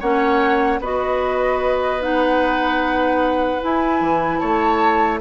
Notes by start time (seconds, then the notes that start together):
0.00 A#3 C#4 C#5 F#5
0.80 B3 F#4 B4 D#5
2.01 D#4 F#5
3.61 E4 G#5
4.01 E3
4.39 A3 C#5 A5